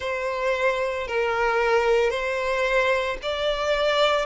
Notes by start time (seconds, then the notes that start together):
0.00 C5
1.07 A#4
2.10 C5
3.22 D5